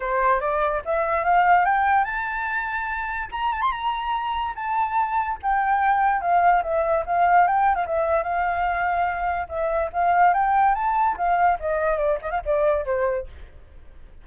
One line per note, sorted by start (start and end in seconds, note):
0.00 0.40 C5
0.40 0.82 D5
0.85 1.24 E5
1.24 1.65 F5
1.65 2.04 G5
2.04 3.28 A5
3.31 3.52 A#5
3.52 3.61 A5
3.61 3.71 C6
3.71 4.54 A#5
4.55 5.38 A5
5.42 6.21 G5
6.21 6.62 F5
6.62 7.04 E5
7.06 7.47 F5
7.47 7.75 G5
7.75 7.85 F5
7.86 8.23 E5
8.23 9.47 F5
9.48 9.90 E5
9.92 10.33 F5
10.33 10.74 G5
10.74 11.16 A5
11.17 11.58 F5
11.59 11.97 D#5
11.97 12.18 D5
12.21 12.30 D#5
12.30 12.41 F5
12.45 12.85 D5
12.85 13.26 C5